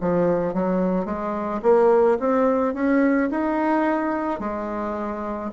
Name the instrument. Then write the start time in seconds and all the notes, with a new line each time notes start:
bassoon
0.00 F3
0.54 F#3
1.05 G#3
1.62 A#3
2.19 C4
2.74 C#4
3.30 D#4
4.39 G#3